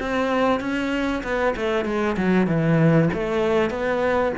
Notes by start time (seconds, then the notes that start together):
0.00 C4
0.60 C#4
1.24 B3
1.56 A3
1.85 G#3
2.17 F#3
2.47 E3
3.13 A3
3.70 B3